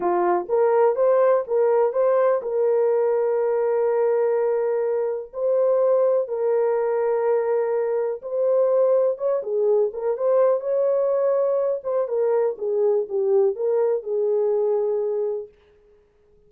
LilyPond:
\new Staff \with { instrumentName = "horn" } { \time 4/4 \tempo 4 = 124 f'4 ais'4 c''4 ais'4 | c''4 ais'2.~ | ais'2. c''4~ | c''4 ais'2.~ |
ais'4 c''2 cis''8 gis'8~ | gis'8 ais'8 c''4 cis''2~ | cis''8 c''8 ais'4 gis'4 g'4 | ais'4 gis'2. | }